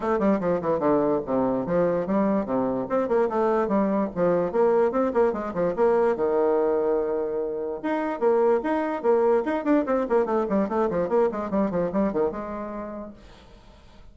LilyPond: \new Staff \with { instrumentName = "bassoon" } { \time 4/4 \tempo 4 = 146 a8 g8 f8 e8 d4 c4 | f4 g4 c4 c'8 ais8 | a4 g4 f4 ais4 | c'8 ais8 gis8 f8 ais4 dis4~ |
dis2. dis'4 | ais4 dis'4 ais4 dis'8 d'8 | c'8 ais8 a8 g8 a8 f8 ais8 gis8 | g8 f8 g8 dis8 gis2 | }